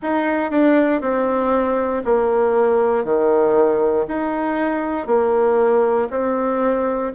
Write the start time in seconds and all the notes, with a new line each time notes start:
0.02 D#4
0.50 D4
1.01 C4
2.05 A#3
3.04 D#3
4.08 D#4
5.06 A#3
6.10 C4